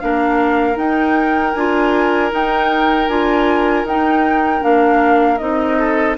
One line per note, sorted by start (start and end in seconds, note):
0.00 0.76 A#3
0.00 0.75 D4
0.00 5.79 A#4
0.00 0.77 F5
0.75 1.52 D#4
0.75 1.53 D#4
0.75 1.54 G5
1.54 2.32 D4
1.54 2.31 F4
1.54 2.31 G#5
2.31 3.08 D#4
2.31 3.08 G5
3.08 3.84 D4
3.08 3.86 F4
3.08 3.85 G#5
3.84 4.61 D#4
3.84 4.63 G5
4.61 5.40 A#3
4.61 5.38 D4
4.61 5.38 F5
5.38 6.17 C4
5.38 6.16 D#4
5.38 6.15 D#5
5.79 6.17 A4